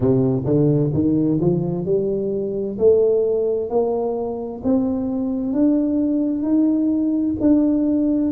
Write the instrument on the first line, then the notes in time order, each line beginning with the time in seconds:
tuba
0.00 C3
0.45 D3
0.93 D#3
1.40 F3
1.85 G3
2.78 A3
3.69 A#3
4.63 C4
5.53 D4
6.42 D#4
7.40 D4